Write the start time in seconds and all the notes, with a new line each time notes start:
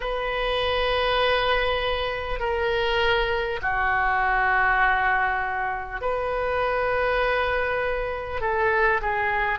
0.00 B4
2.39 A#4
3.62 F#4
6.01 B4
8.41 A4
9.01 G#4